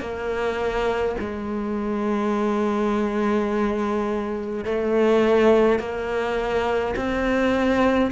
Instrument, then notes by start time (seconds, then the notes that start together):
cello
0.00 A#3
1.20 G#3
4.65 A3
5.79 A#3
6.95 C4